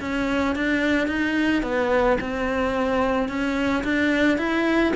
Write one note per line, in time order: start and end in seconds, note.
0.00 0.55 C#4
0.55 1.07 D4
1.07 1.62 D#4
1.63 2.18 B3
2.20 3.29 C4
3.29 3.84 C#4
3.84 4.38 D4
4.38 4.93 E4